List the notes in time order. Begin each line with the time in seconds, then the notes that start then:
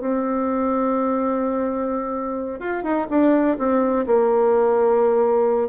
0.00 C4
2.59 F4
2.83 D#4
3.10 D4
3.58 C4
4.06 A#3